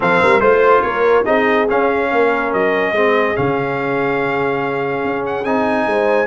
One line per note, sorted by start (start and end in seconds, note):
0.00 0.22 F3
0.00 0.40 C4
0.00 0.21 A4
0.00 0.40 F5
0.21 0.40 G3
0.21 0.40 A#4
0.40 0.82 A3
0.40 1.24 F4
0.40 0.81 C5
0.40 0.82 C5
0.81 1.25 A#3
0.81 1.25 A#4
0.81 1.23 C#5
1.25 1.69 C4
1.25 1.67 D#4
1.25 2.09 G#4
1.25 1.67 D#5
1.69 2.94 C#4
1.69 2.11 C#4
1.69 2.53 F5
2.10 2.53 A#3
2.10 2.93 A#4
2.53 2.92 F#3
2.53 3.36 D#5
2.92 3.34 G#3
2.92 3.35 C4
2.92 5.87 G#4
3.35 5.04 C#3
3.35 5.44 C#4
3.35 5.25 F5
5.04 5.45 C#4
5.26 5.44 F#5
5.44 5.85 C4
5.44 6.26 D#4
5.44 6.26 G#5
5.85 6.26 G#3
5.85 6.26 C5